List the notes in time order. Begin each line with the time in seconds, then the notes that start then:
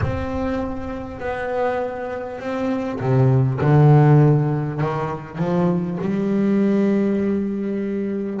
0.01 C4
1.19 B3
2.39 C4
2.99 C3
3.61 D3
4.80 D#3
5.38 F3
6.01 G3